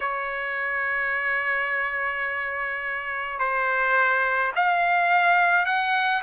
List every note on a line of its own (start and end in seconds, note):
0.00 3.39 C#5
3.39 4.52 C5
4.55 5.65 F5
5.65 6.22 F#5